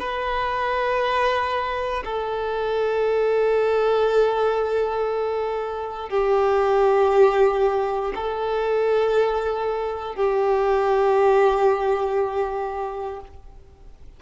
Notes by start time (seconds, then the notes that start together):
0.00 B4
2.05 A4
6.10 G4
8.15 A4
10.16 G4